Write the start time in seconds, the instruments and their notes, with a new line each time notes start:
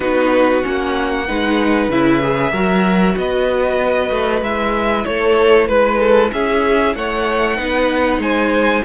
0.00 cello B3, viola D#4, violin F#4 B4
0.62 cello A#3, viola C#4, violin F#5
1.27 cello G#3, viola D#4, violin B4
1.88 cello C#3, viola E4, violin E5
2.21 viola G#4
2.51 cello F#3, viola F#4, violin A#4
3.17 cello B3, violin B4 D#5
4.10 cello A3
4.41 cello G#3, viola E4, violin E5
5.05 cello A3, violin A4 C#5
5.67 cello G#3, violin B4
5.99 violin A4
6.32 cello C#4, violin G#4 E5
6.95 cello A3, violin C#5 F#5
7.57 cello B3, viola D#4, violin B4
8.18 cello G#3, violin C5 G#5